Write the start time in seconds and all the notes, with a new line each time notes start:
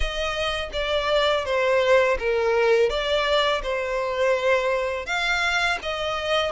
0.00 D#5
0.73 D5
1.45 C5
2.19 A#4
2.89 D5
3.62 C5
5.06 F5
5.82 D#5